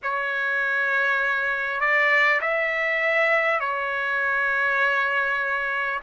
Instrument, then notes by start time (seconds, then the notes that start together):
trumpet
0.02 C#5
1.80 D5
2.41 E5
3.60 C#5